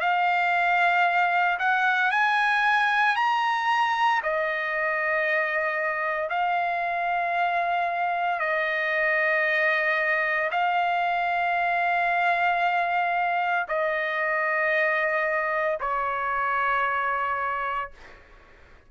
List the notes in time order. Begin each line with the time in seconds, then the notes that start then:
0.00 F5
1.58 F#5
2.11 G#5
3.15 A#5
4.23 D#5
6.29 F5
8.39 D#5
10.51 F5
13.68 D#5
15.80 C#5